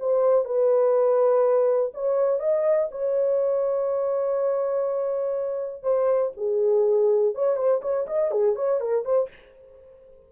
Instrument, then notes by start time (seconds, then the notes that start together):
horn
0.00 C5
0.45 B4
1.94 C#5
2.40 D#5
2.92 C#5
5.83 C5
6.37 G#4
7.35 C#5
7.57 C5
7.82 C#5
8.07 D#5
8.32 G#4
8.56 C#5
8.81 A#4
9.05 C5